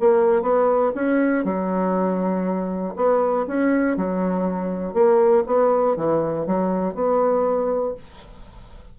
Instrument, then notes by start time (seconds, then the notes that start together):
bassoon
0.00 A#3
0.42 B3
0.95 C#4
1.44 F#3
2.96 B3
3.47 C#4
3.97 F#3
4.93 A#3
5.46 B3
5.96 E3
6.46 F#3
6.95 B3